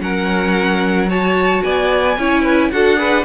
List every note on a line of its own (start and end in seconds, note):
0.00 1.62 F#3
0.00 1.07 C#4
0.00 1.09 A#4
0.00 1.09 F#5
1.07 2.15 F#4
1.07 1.63 C#5
1.07 1.63 A5
1.63 2.17 B3
1.63 2.17 D5
1.63 2.71 G#5
2.17 2.71 C#4
2.17 2.72 E4
2.17 2.42 C#5
2.42 2.69 B4
2.71 3.24 D4
2.71 2.96 F#4
2.71 2.99 A4
2.71 3.24 F#5
2.96 3.23 G#4
2.96 3.24 B4